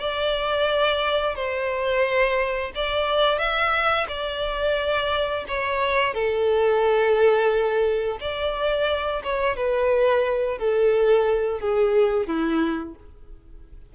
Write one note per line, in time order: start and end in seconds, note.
0.00 1.36 D5
1.36 2.72 C5
2.76 3.39 D5
3.39 4.07 E5
4.09 5.45 D5
5.49 6.14 C#5
6.14 8.19 A4
8.21 9.23 D5
9.24 9.57 C#5
9.57 10.59 B4
10.59 11.60 A4
11.60 12.27 G#4
12.27 12.95 E4